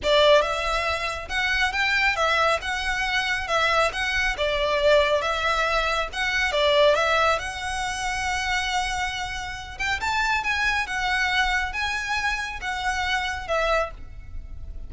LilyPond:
\new Staff \with { instrumentName = "violin" } { \time 4/4 \tempo 4 = 138 d''4 e''2 fis''4 | g''4 e''4 fis''2 | e''4 fis''4 d''2 | e''2 fis''4 d''4 |
e''4 fis''2.~ | fis''2~ fis''8 g''8 a''4 | gis''4 fis''2 gis''4~ | gis''4 fis''2 e''4 | }